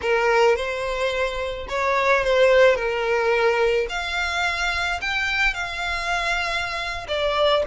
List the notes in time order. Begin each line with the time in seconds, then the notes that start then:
0.02 A#4
0.56 C5
1.68 C#5
2.24 C5
2.75 A#4
3.89 F5
5.01 G5
5.54 F5
7.07 D5